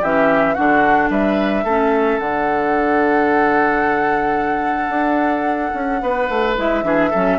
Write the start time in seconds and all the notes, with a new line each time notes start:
0.00 E3 C#4 G4 E5
0.54 D3 D4 F#4 F#5
1.09 G3 B4 E5
1.63 A3 C#4 A4
2.18 D3 D4 F#5
4.89 D4
5.74 C#4
6.01 B3 B4
6.29 A3
6.57 G#3 E4 E5
6.82 E3 D4 G#4
7.10 F#3 C#4 A4